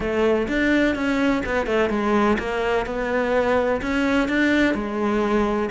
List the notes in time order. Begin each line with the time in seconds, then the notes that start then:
0.00 A3
0.48 D4
0.95 C#4
1.45 B3
1.66 A3
1.89 G#3
2.38 A#3
2.85 B3
3.81 C#4
4.28 D4
4.74 G#3